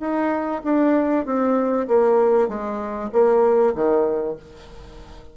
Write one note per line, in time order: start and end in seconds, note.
0.00 0.62 D#4
0.64 1.25 D4
1.25 1.87 C4
1.88 2.48 A#3
2.48 3.10 G#3
3.12 3.74 A#3
3.75 4.37 D#3